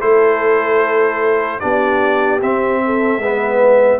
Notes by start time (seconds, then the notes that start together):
0.00 A3 E4 A4 C5
1.60 B3 D4 G4 D5
2.41 C4 E5
2.85 A4
3.18 G#3 B3 B4